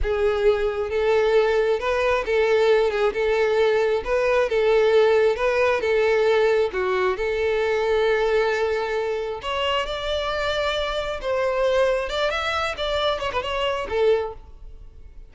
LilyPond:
\new Staff \with { instrumentName = "violin" } { \time 4/4 \tempo 4 = 134 gis'2 a'2 | b'4 a'4. gis'8 a'4~ | a'4 b'4 a'2 | b'4 a'2 fis'4 |
a'1~ | a'4 cis''4 d''2~ | d''4 c''2 d''8 e''8~ | e''8 d''4 cis''16 b'16 cis''4 a'4 | }